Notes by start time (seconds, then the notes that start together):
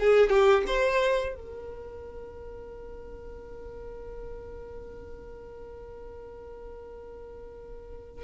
0.00 G#4
0.30 G4
0.67 C5
1.36 A#4